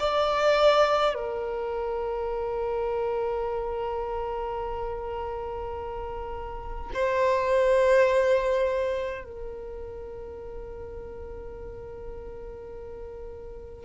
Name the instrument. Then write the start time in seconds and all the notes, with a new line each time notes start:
violin
0.00 D5
1.15 A#4
6.94 C5
9.25 A#4